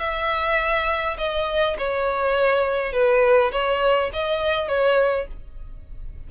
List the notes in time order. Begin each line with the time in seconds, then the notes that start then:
0.00 E5
1.18 D#5
1.79 C#5
2.93 B4
3.52 C#5
4.13 D#5
4.69 C#5